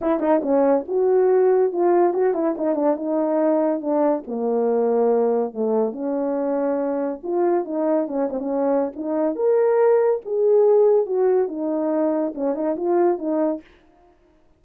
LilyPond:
\new Staff \with { instrumentName = "horn" } { \time 4/4 \tempo 4 = 141 e'8 dis'8 cis'4 fis'2 | f'4 fis'8 e'8 dis'8 d'8 dis'4~ | dis'4 d'4 ais2~ | ais4 a4 cis'2~ |
cis'4 f'4 dis'4 cis'8 c'16 cis'16~ | cis'4 dis'4 ais'2 | gis'2 fis'4 dis'4~ | dis'4 cis'8 dis'8 f'4 dis'4 | }